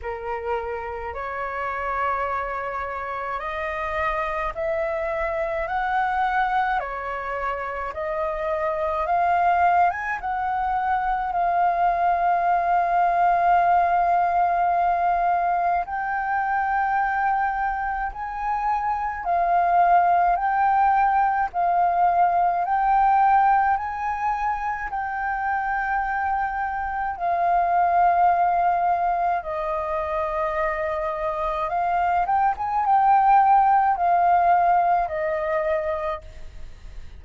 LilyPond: \new Staff \with { instrumentName = "flute" } { \time 4/4 \tempo 4 = 53 ais'4 cis''2 dis''4 | e''4 fis''4 cis''4 dis''4 | f''8. gis''16 fis''4 f''2~ | f''2 g''2 |
gis''4 f''4 g''4 f''4 | g''4 gis''4 g''2 | f''2 dis''2 | f''8 g''16 gis''16 g''4 f''4 dis''4 | }